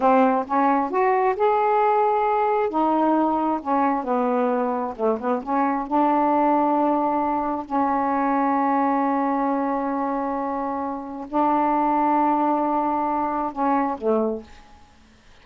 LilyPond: \new Staff \with { instrumentName = "saxophone" } { \time 4/4 \tempo 4 = 133 c'4 cis'4 fis'4 gis'4~ | gis'2 dis'2 | cis'4 b2 a8 b8 | cis'4 d'2.~ |
d'4 cis'2.~ | cis'1~ | cis'4 d'2.~ | d'2 cis'4 a4 | }